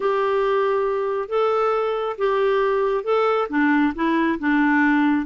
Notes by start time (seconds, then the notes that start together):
0.00 G4
1.28 A4
2.18 G4
3.04 A4
3.49 D4
3.95 E4
4.39 D4